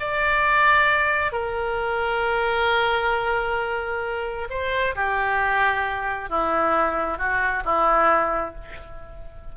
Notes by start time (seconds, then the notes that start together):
0.00 D5
1.32 A#4
4.50 C5
4.96 G4
6.30 E4
7.18 F#4
7.65 E4